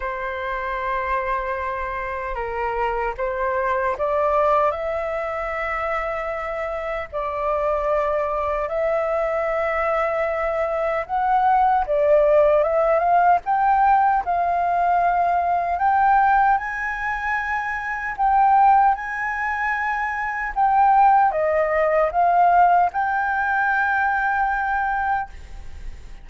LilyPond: \new Staff \with { instrumentName = "flute" } { \time 4/4 \tempo 4 = 76 c''2. ais'4 | c''4 d''4 e''2~ | e''4 d''2 e''4~ | e''2 fis''4 d''4 |
e''8 f''8 g''4 f''2 | g''4 gis''2 g''4 | gis''2 g''4 dis''4 | f''4 g''2. | }